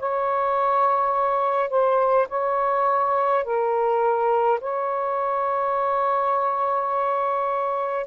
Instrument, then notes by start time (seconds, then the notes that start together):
saxophone
0.00 C#5
1.70 C5
2.29 C#5
3.45 A#4
4.61 C#5